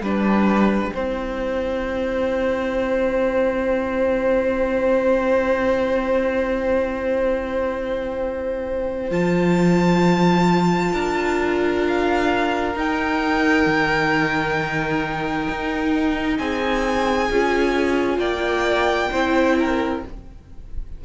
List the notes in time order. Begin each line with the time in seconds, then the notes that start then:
0.00 G3 D4 B4 G5
0.93 C4 E4 C5
9.11 F3 F4 A5
10.92 D4 A#4
11.87 F5
12.75 D#4 G5
13.66 D#3
15.49 D#4
16.37 C4 G#4 G#5
17.30 C#4 F4
18.18 A#3 D5 G5
19.11 C4 E4 C5
19.59 A#4